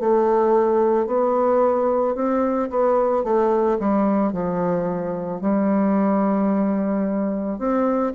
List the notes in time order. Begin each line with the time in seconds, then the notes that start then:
0.00 A3
1.07 B3
2.15 C4
2.70 B3
3.24 A3
3.79 G3
4.32 F3
5.41 G3
7.59 C4